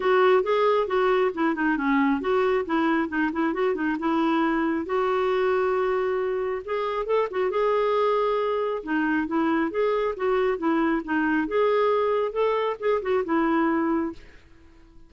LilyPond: \new Staff \with { instrumentName = "clarinet" } { \time 4/4 \tempo 4 = 136 fis'4 gis'4 fis'4 e'8 dis'8 | cis'4 fis'4 e'4 dis'8 e'8 | fis'8 dis'8 e'2 fis'4~ | fis'2. gis'4 |
a'8 fis'8 gis'2. | dis'4 e'4 gis'4 fis'4 | e'4 dis'4 gis'2 | a'4 gis'8 fis'8 e'2 | }